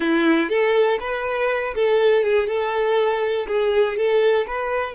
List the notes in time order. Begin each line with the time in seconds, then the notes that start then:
0.00 E4
0.49 A4
1.00 B4
1.74 A4
2.23 G#4
2.47 A4
3.47 G#4
3.96 A4
4.46 B4